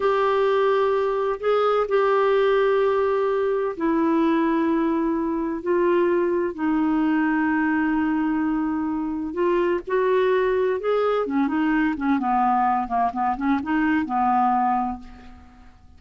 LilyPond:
\new Staff \with { instrumentName = "clarinet" } { \time 4/4 \tempo 4 = 128 g'2. gis'4 | g'1 | e'1 | f'2 dis'2~ |
dis'1 | f'4 fis'2 gis'4 | cis'8 dis'4 cis'8 b4. ais8 | b8 cis'8 dis'4 b2 | }